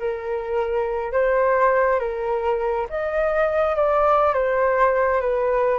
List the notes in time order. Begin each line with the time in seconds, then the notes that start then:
0.00 A#4
1.13 C5
2.00 A#4
2.90 D#5
3.76 D5
4.34 C5
5.21 B4